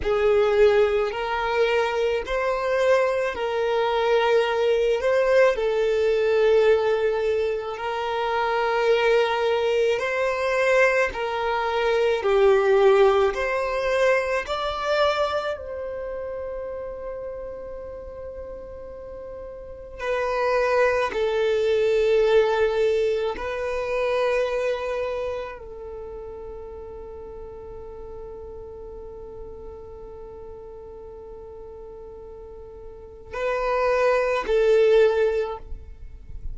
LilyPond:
\new Staff \with { instrumentName = "violin" } { \time 4/4 \tempo 4 = 54 gis'4 ais'4 c''4 ais'4~ | ais'8 c''8 a'2 ais'4~ | ais'4 c''4 ais'4 g'4 | c''4 d''4 c''2~ |
c''2 b'4 a'4~ | a'4 b'2 a'4~ | a'1~ | a'2 b'4 a'4 | }